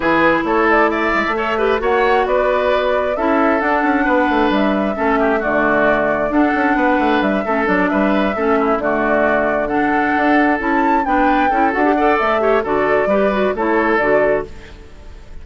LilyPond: <<
  \new Staff \with { instrumentName = "flute" } { \time 4/4 \tempo 4 = 133 b'4 cis''8 d''8 e''2 | fis''4 d''2 e''4 | fis''2 e''2 | d''2 fis''2 |
e''4 d''8 e''2 d''8~ | d''4. fis''2 a''8~ | a''8 g''4. fis''4 e''4 | d''2 cis''4 d''4 | }
  \new Staff \with { instrumentName = "oboe" } { \time 4/4 gis'4 a'4 d''4 cis''8 b'8 | cis''4 b'2 a'4~ | a'4 b'2 a'8 g'8 | fis'2 a'4 b'4~ |
b'8 a'4 b'4 a'8 e'8 fis'8~ | fis'4. a'2~ a'8~ | a'8 b'4 a'4 d''4 cis''8 | a'4 b'4 a'2 | }
  \new Staff \with { instrumentName = "clarinet" } { \time 4/4 e'2. a'8 g'8 | fis'2. e'4 | d'2. cis'4 | a2 d'2~ |
d'8 cis'8 d'4. cis'4 a8~ | a4. d'2 e'8~ | e'8 d'4 e'8 fis'16 g'16 a'4 g'8 | fis'4 g'8 fis'8 e'4 fis'4 | }
  \new Staff \with { instrumentName = "bassoon" } { \time 4/4 e4 a4. gis16 a4~ a16 | ais4 b2 cis'4 | d'8 cis'8 b8 a8 g4 a4 | d2 d'8 cis'8 b8 a8 |
g8 a8 fis8 g4 a4 d8~ | d2~ d8 d'4 cis'8~ | cis'8 b4 cis'8 d'4 a4 | d4 g4 a4 d4 | }
>>